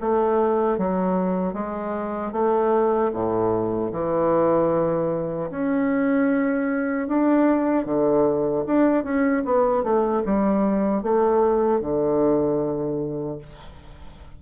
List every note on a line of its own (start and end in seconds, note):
0.00 0.78 A3
0.78 1.53 F#3
1.53 2.32 G#3
2.32 3.11 A3
3.13 3.92 A2
3.92 5.50 E3
5.50 7.08 C#4
7.08 7.85 D4
7.85 8.64 D3
8.66 9.04 D4
9.04 9.43 C#4
9.45 9.83 B3
9.83 10.23 A3
10.25 11.02 G3
11.02 11.80 A3
11.80 13.38 D3